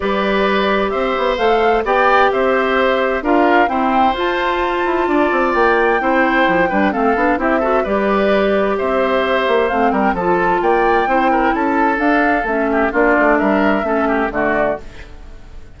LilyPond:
<<
  \new Staff \with { instrumentName = "flute" } { \time 4/4 \tempo 4 = 130 d''2 e''4 f''4 | g''4 e''2 f''4 | g''4 a''2. | g''2. f''4 |
e''4 d''2 e''4~ | e''4 f''8 g''8 a''4 g''4~ | g''4 a''4 f''4 e''4 | d''4 e''2 d''4 | }
  \new Staff \with { instrumentName = "oboe" } { \time 4/4 b'2 c''2 | d''4 c''2 ais'4 | c''2. d''4~ | d''4 c''4. b'8 a'4 |
g'8 a'8 b'2 c''4~ | c''4. ais'8 a'4 d''4 | c''8 ais'8 a'2~ a'8 g'8 | f'4 ais'4 a'8 g'8 fis'4 | }
  \new Staff \with { instrumentName = "clarinet" } { \time 4/4 g'2. a'4 | g'2. f'4 | c'4 f'2.~ | f'4 e'4. d'8 c'8 d'8 |
e'8 fis'8 g'2.~ | g'4 c'4 f'2 | e'2 d'4 cis'4 | d'2 cis'4 a4 | }
  \new Staff \with { instrumentName = "bassoon" } { \time 4/4 g2 c'8 b8 a4 | b4 c'2 d'4 | e'4 f'4. e'8 d'8 c'8 | ais4 c'4 f8 g8 a8 b8 |
c'4 g2 c'4~ | c'8 ais8 a8 g8 f4 ais4 | c'4 cis'4 d'4 a4 | ais8 a8 g4 a4 d4 | }
>>